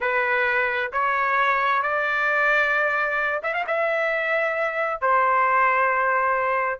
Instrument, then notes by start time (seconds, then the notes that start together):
trumpet
0.00 B4
0.92 C#5
1.82 D5
3.43 E5
3.53 F5
3.67 E5
5.01 C5